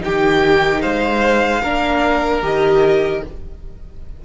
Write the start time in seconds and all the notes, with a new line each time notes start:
0.00 D#4 G4 G5
0.07 D#3
0.82 G#3 C5 F5
1.63 A#3 D4 A#4
2.42 D#3 G4 D#5